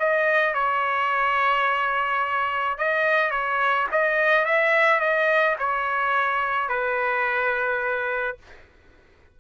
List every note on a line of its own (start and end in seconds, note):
0.00 0.55 D#5
0.55 2.79 C#5
2.79 3.32 D#5
3.32 3.88 C#5
3.92 4.46 D#5
4.46 5.00 E5
5.00 5.56 D#5
5.59 6.70 C#5
6.70 8.38 B4